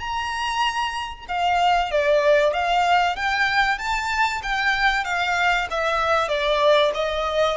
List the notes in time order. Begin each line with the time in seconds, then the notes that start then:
0.00 A#5
1.29 F5
1.91 D5
2.53 F5
3.16 G5
3.78 A5
4.43 G5
5.05 F5
5.70 E5
6.28 D5
6.95 D#5